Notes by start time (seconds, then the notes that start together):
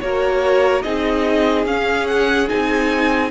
0.00 A#3 F#4 A#4 C#5
0.82 C4 D#4 G#4 D#5
1.65 C#4 F5
2.07 F#5
2.48 C4 D#4 G#5